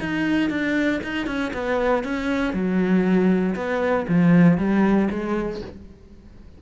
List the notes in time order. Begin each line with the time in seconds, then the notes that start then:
0.00 D#4
0.50 D4
1.04 D#4
1.27 C#4
1.53 B3
2.04 C#4
2.53 F#3
3.56 B3
4.08 F3
4.58 G3
5.11 G#3